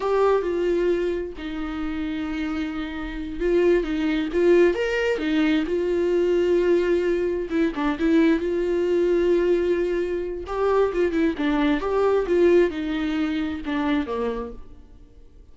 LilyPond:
\new Staff \with { instrumentName = "viola" } { \time 4/4 \tempo 4 = 132 g'4 f'2 dis'4~ | dis'2.~ dis'8 f'8~ | f'8 dis'4 f'4 ais'4 dis'8~ | dis'8 f'2.~ f'8~ |
f'8 e'8 d'8 e'4 f'4.~ | f'2. g'4 | f'8 e'8 d'4 g'4 f'4 | dis'2 d'4 ais4 | }